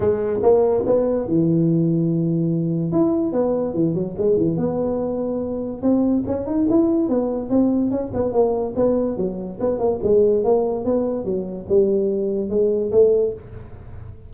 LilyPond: \new Staff \with { instrumentName = "tuba" } { \time 4/4 \tempo 4 = 144 gis4 ais4 b4 e4~ | e2. e'4 | b4 e8 fis8 gis8 e8 b4~ | b2 c'4 cis'8 dis'8 |
e'4 b4 c'4 cis'8 b8 | ais4 b4 fis4 b8 ais8 | gis4 ais4 b4 fis4 | g2 gis4 a4 | }